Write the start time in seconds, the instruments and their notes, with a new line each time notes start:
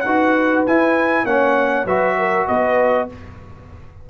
0.00 tuba D#4, trombone F#4, horn B4, trumpet F#5
0.66 tuba E4, trombone E4, trumpet G#5
1.24 tuba A#3, trombone C#4, horn C#5, trumpet F#5
1.85 tuba F#3, trombone F#4, horn B4, trumpet E5
2.18 horn A#4
2.47 tuba B3, horn B4, trumpet D#5